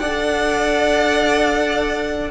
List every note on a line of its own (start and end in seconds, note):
0.00 2.31 D4
0.00 2.31 A4
0.00 2.31 D5
0.00 2.31 F#5